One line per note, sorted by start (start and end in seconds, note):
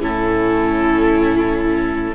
0.00 2.15 A2
0.00 2.14 C#4
0.00 2.15 E4
0.00 2.16 A4